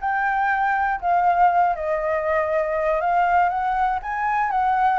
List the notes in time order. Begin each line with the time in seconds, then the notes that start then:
0.00 G5
1.00 F5
1.75 D#5
3.00 F5
3.49 F#5
4.02 G#5
4.50 F#5